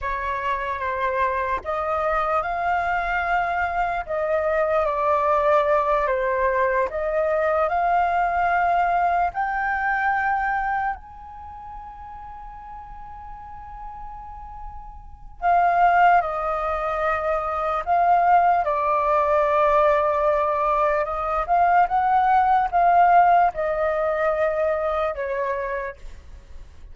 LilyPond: \new Staff \with { instrumentName = "flute" } { \time 4/4 \tempo 4 = 74 cis''4 c''4 dis''4 f''4~ | f''4 dis''4 d''4. c''8~ | c''8 dis''4 f''2 g''8~ | g''4. gis''2~ gis''8~ |
gis''2. f''4 | dis''2 f''4 d''4~ | d''2 dis''8 f''8 fis''4 | f''4 dis''2 cis''4 | }